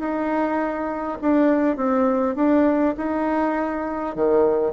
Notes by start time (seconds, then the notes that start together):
0.00 D#4
1.22 D4
1.77 C4
2.36 D4
2.98 D#4
4.16 D#3